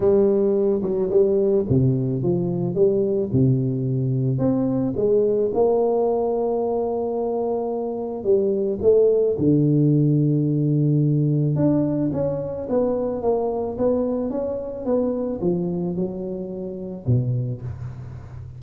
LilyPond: \new Staff \with { instrumentName = "tuba" } { \time 4/4 \tempo 4 = 109 g4. fis8 g4 c4 | f4 g4 c2 | c'4 gis4 ais2~ | ais2. g4 |
a4 d2.~ | d4 d'4 cis'4 b4 | ais4 b4 cis'4 b4 | f4 fis2 b,4 | }